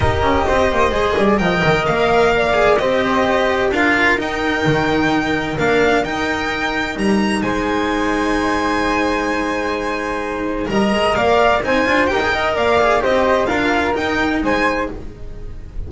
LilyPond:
<<
  \new Staff \with { instrumentName = "violin" } { \time 4/4 \tempo 4 = 129 dis''2. g''4 | f''2 dis''2 | f''4 g''2. | f''4 g''2 ais''4 |
gis''1~ | gis''2. ais''4 | f''4 gis''4 g''4 f''4 | dis''4 f''4 g''4 gis''4 | }
  \new Staff \with { instrumentName = "flute" } { \time 4/4 ais'4 c''4. d''8 dis''4~ | dis''4 d''4 c''2 | ais'1~ | ais'1 |
c''1~ | c''2. dis''4 | d''4 c''4 ais'8 dis''8 d''4 | c''4 ais'2 c''4 | }
  \new Staff \with { instrumentName = "cello" } { \time 4/4 g'2 gis'4 ais'4~ | ais'4. gis'8 g'2 | f'4 dis'2. | d'4 dis'2.~ |
dis'1~ | dis'2. ais'4~ | ais'4 dis'8 f'8 g'16 gis'16 ais'4 gis'8 | g'4 f'4 dis'2 | }
  \new Staff \with { instrumentName = "double bass" } { \time 4/4 dis'8 cis'8 c'8 ais8 gis8 g8 f8 dis8 | ais2 c'2 | d'4 dis'4 dis2 | ais4 dis'2 g4 |
gis1~ | gis2. g8 gis8 | ais4 c'8 d'8 dis'4 ais4 | c'4 d'4 dis'4 gis4 | }
>>